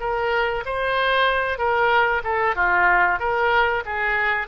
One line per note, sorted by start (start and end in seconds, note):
0.00 0.64 A#4
0.65 1.58 C5
1.58 2.22 A#4
2.24 2.56 A4
2.56 3.19 F4
3.19 3.83 A#4
3.86 4.47 G#4